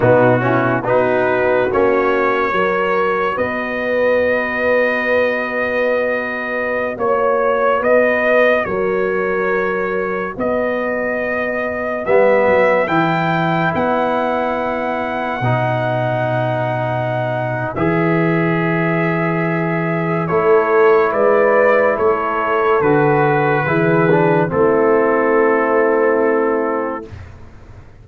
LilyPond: <<
  \new Staff \with { instrumentName = "trumpet" } { \time 4/4 \tempo 4 = 71 fis'4 b'4 cis''2 | dis''1~ | dis''16 cis''4 dis''4 cis''4.~ cis''16~ | cis''16 dis''2 e''4 g''8.~ |
g''16 fis''2.~ fis''8.~ | fis''4 e''2. | cis''4 d''4 cis''4 b'4~ | b'4 a'2. | }
  \new Staff \with { instrumentName = "horn" } { \time 4/4 dis'8 e'8 fis'2 ais'4 | b'1~ | b'16 cis''4 b'4 ais'4.~ ais'16~ | ais'16 b'2.~ b'8.~ |
b'1~ | b'1 | a'4 b'4 a'2 | gis'4 e'2. | }
  \new Staff \with { instrumentName = "trombone" } { \time 4/4 b8 cis'8 dis'4 cis'4 fis'4~ | fis'1~ | fis'1~ | fis'2~ fis'16 b4 e'8.~ |
e'2~ e'16 dis'4.~ dis'16~ | dis'4 gis'2. | e'2. fis'4 | e'8 d'8 c'2. | }
  \new Staff \with { instrumentName = "tuba" } { \time 4/4 b,4 b4 ais4 fis4 | b1~ | b16 ais4 b4 fis4.~ fis16~ | fis16 b2 g8 fis8 e8.~ |
e16 b2 b,4.~ b,16~ | b,4 e2. | a4 gis4 a4 d4 | e4 a2. | }
>>